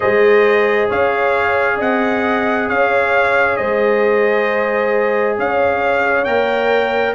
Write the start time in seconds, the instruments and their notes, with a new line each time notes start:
0.00 tuba G#3, trombone G#4, horn C5, trumpet D#5
0.88 tuba C#4, horn C#5, trumpet F5
1.77 tuba C4, horn D#5, trumpet F#5
2.68 tuba C#4, horn C#5, trumpet F5
3.56 tuba G#3, horn C5, trumpet D#5
5.37 tuba C#4, horn C#5, trumpet F5
6.24 tuba A#3, trombone A#4, trumpet G5